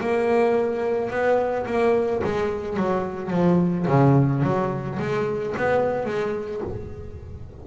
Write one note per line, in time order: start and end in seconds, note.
0.00 1.10 A#3
1.10 1.66 B3
1.66 2.22 A#3
2.24 2.77 G#3
2.77 3.30 F#3
3.30 3.86 F3
3.87 4.42 C#3
4.42 4.98 F#3
4.99 5.55 G#3
5.57 6.06 B3
6.06 6.61 G#3